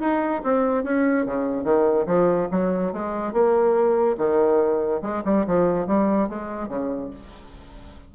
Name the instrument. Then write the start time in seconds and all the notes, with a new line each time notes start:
bassoon
0.00 D#4
0.44 C4
0.84 C#4
1.25 C#3
1.64 D#3
2.06 F3
2.51 F#3
2.93 G#3
3.32 A#3
4.17 D#3
5.02 G#3
5.25 G3
5.47 F3
5.87 G3
6.29 G#3
6.68 C#3